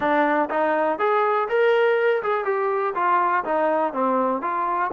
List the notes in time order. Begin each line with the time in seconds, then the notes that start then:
0.00 D4
0.49 D#4
0.98 G#4
1.48 A#4
2.22 G#4
2.44 G4
2.94 F4
3.44 D#4
3.93 C4
4.41 F4